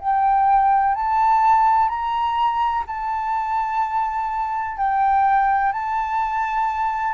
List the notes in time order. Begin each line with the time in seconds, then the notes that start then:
0.00 G5
0.95 A5
1.89 A#5
2.87 A5
4.77 G5
5.73 A5